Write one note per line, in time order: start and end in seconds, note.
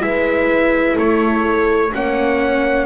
0.00 0.96 G#3
0.00 1.90 E4
0.00 0.96 B4
0.00 0.97 E5
0.96 1.93 A3
0.96 1.91 A4
0.96 1.94 C#5
1.92 2.86 A#3
1.92 2.86 C#4
1.92 2.86 C#5
1.92 2.86 F#5